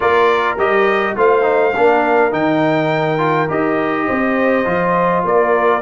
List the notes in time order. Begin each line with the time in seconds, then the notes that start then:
0.00 A#3 F4 A#4 D5
0.57 G3 G4 D#5
1.16 A3 F4 C5 F5
1.42 D#4
1.76 A#3 D4 A#4
2.31 D#3 D#4 G5
3.18 F4
3.48 D#4 G4 D#5
4.07 C4 C5
4.65 F3 F4
5.23 A#3 A#4 D5